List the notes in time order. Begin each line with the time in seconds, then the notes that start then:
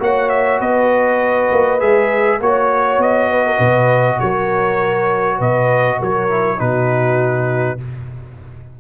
0.00 A#3 F#4 C#5 F#5
0.30 E5
0.60 B3 B4 D#5
1.52 A#3
1.80 G#3 G#4 E5
2.41 A#3 F#4 C#5
2.98 B3 D#5
3.31 B4
3.46 A#4
3.58 B2 B4
4.20 F#3 A#4 C#5
5.38 B2 B4 D#5
5.99 F#3 A#4 C#5
6.30 E4
6.58 B2 D#4 F#4 B4